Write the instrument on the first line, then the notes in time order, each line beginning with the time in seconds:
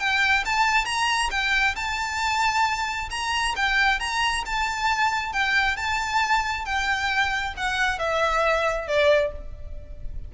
violin
0.00 G5
0.46 A5
0.86 A#5
1.31 G5
1.76 A5
3.11 A#5
3.57 G5
4.00 A#5
4.46 A5
5.34 G5
5.77 A5
6.66 G5
7.57 F#5
7.99 E5
8.88 D5